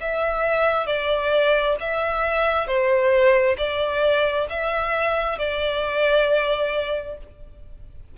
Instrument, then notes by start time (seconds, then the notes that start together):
violin
0.00 E5
0.87 D5
1.80 E5
2.67 C5
3.58 D5
4.49 E5
5.38 D5